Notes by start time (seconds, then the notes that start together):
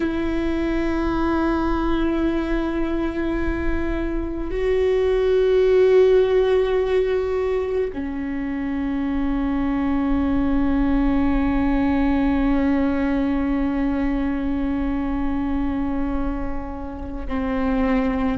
0.00 E4
4.50 F#4
7.93 C#4
17.27 C4